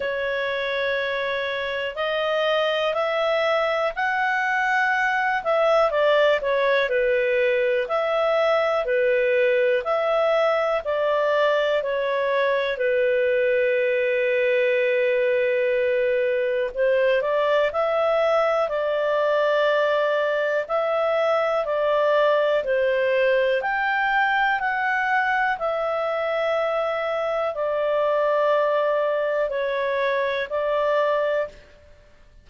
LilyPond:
\new Staff \with { instrumentName = "clarinet" } { \time 4/4 \tempo 4 = 61 cis''2 dis''4 e''4 | fis''4. e''8 d''8 cis''8 b'4 | e''4 b'4 e''4 d''4 | cis''4 b'2.~ |
b'4 c''8 d''8 e''4 d''4~ | d''4 e''4 d''4 c''4 | g''4 fis''4 e''2 | d''2 cis''4 d''4 | }